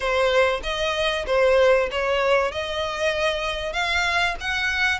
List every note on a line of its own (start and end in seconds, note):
0.00 0.60 C5
0.62 1.25 D#5
1.26 1.89 C5
1.91 2.51 C#5
2.51 3.72 D#5
3.72 4.35 F5
4.40 4.99 F#5